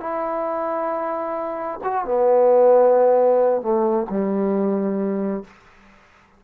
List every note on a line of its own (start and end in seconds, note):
0.00 1.79 E4
1.83 2.05 F#4
2.05 3.61 B3
3.61 4.06 A3
4.09 5.44 G3